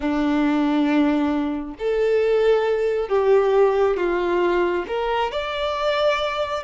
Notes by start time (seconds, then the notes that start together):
0.00 D4
1.78 A4
3.08 G4
3.97 F4
4.87 A#4
5.31 D5